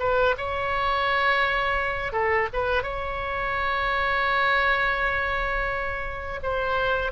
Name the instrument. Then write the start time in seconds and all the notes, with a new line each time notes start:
oboe
0.00 B4
0.38 C#5
2.13 A4
2.54 B4
2.83 C#5
6.43 C5